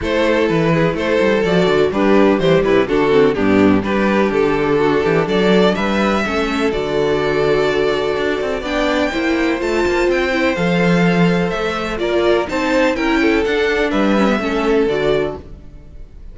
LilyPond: <<
  \new Staff \with { instrumentName = "violin" } { \time 4/4 \tempo 4 = 125 c''4 b'4 c''4 d''4 | b'4 c''8 b'8 a'4 g'4 | b'4 a'2 d''4 | e''2 d''2~ |
d''2 g''2 | a''4 g''4 f''2 | e''4 d''4 a''4 g''4 | fis''4 e''2 d''4 | }
  \new Staff \with { instrumentName = "violin" } { \time 4/4 a'4. gis'8 a'2 | d'4 g'8 e'8 fis'4 d'4 | g'2 fis'8 g'8 a'4 | b'4 a'2.~ |
a'2 d''4 c''4~ | c''1~ | c''4 ais'4 c''4 ais'8 a'8~ | a'4 b'4 a'2 | }
  \new Staff \with { instrumentName = "viola" } { \time 4/4 e'2. fis'4 | g'4 g4 d'8 c'8 b4 | d'1~ | d'4 cis'4 fis'2~ |
fis'2 d'4 e'4 | f'4. e'8 a'2~ | a'4 f'4 dis'4 e'4 | d'4. cis'16 b16 cis'4 fis'4 | }
  \new Staff \with { instrumentName = "cello" } { \time 4/4 a4 e4 a8 g8 f8 d8 | g4 e8 c8 d4 g,4 | g4 d4. e8 fis4 | g4 a4 d2~ |
d4 d'8 c'8 b4 ais4 | a8 ais8 c'4 f2 | a4 ais4 c'4 cis'4 | d'4 g4 a4 d4 | }
>>